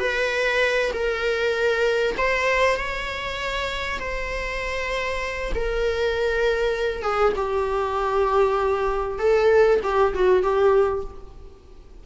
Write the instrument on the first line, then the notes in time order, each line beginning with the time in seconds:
viola
0.00 B4
0.94 A#4
2.18 C5
2.77 C#5
4.00 C5
5.55 A#4
7.03 G#4
7.37 G4
9.19 A4
9.84 G4
10.15 F#4
10.43 G4